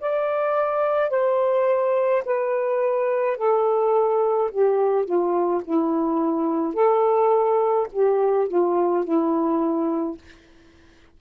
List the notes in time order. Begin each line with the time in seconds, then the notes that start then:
0.00 D5
1.10 C5
2.25 B4
3.38 A4
4.51 G4
5.05 F4
5.64 E4
6.74 A4
7.92 G4
8.49 F4
9.05 E4